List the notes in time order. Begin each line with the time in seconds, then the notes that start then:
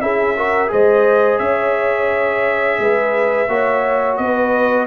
0.00 C#4 E4 G#4 E5
0.36 F#4 A#4
0.68 G#3 G#4 C5 D#5
1.38 C#4 C#5 E5
2.79 G#3 B4
3.48 A#3 F#4 C#5
4.17 B3 B4 D#5